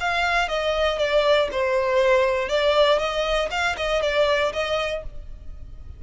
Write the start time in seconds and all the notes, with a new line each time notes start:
0.00 F5
0.48 D#5
0.98 D5
1.51 C5
2.49 D5
2.99 D#5
3.50 F5
3.77 D#5
4.02 D5
4.53 D#5